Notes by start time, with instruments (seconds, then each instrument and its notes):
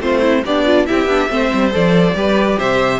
0.00 cello A3, viola C4, violin F4 C5
0.21 violin E4
0.45 cello B3, violin D4 D5, viola G4
0.65 viola F4
0.86 cello C4, viola E4, violin G4 E5
1.05 cello B3, viola D4
1.29 cello A3, viola C4, violin C5
1.53 cello G3
1.71 cello F3, viola A4, violin D5
2.14 cello G3, viola G4, violin B4
2.58 cello C3, violin C5 E5